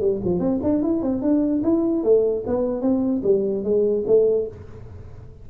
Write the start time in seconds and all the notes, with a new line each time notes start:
0.00 G3
0.24 F3
0.39 C4
0.63 D4
0.82 E4
1.02 C4
1.21 D4
1.63 E4
2.03 A3
2.46 B3
2.81 C4
3.23 G3
3.63 G#3
4.07 A3